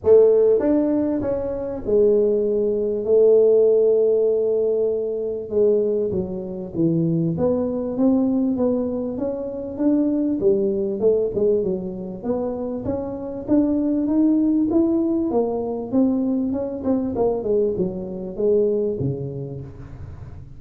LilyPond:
\new Staff \with { instrumentName = "tuba" } { \time 4/4 \tempo 4 = 98 a4 d'4 cis'4 gis4~ | gis4 a2.~ | a4 gis4 fis4 e4 | b4 c'4 b4 cis'4 |
d'4 g4 a8 gis8 fis4 | b4 cis'4 d'4 dis'4 | e'4 ais4 c'4 cis'8 c'8 | ais8 gis8 fis4 gis4 cis4 | }